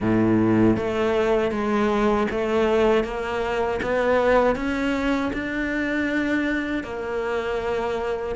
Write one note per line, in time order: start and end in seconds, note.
0.00 0.76 A2
0.76 1.51 A3
1.51 2.27 G#3
2.30 3.04 A3
3.04 3.80 A#3
3.82 4.55 B3
4.55 5.31 C#4
5.33 6.83 D4
6.83 8.35 A#3